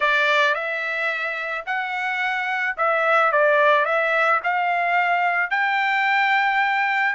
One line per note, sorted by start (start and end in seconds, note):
0.00 0.54 D5
0.54 1.64 E5
1.66 2.76 F#5
2.77 3.32 E5
3.32 3.85 D5
3.85 4.40 E5
4.43 5.50 F5
5.50 7.15 G5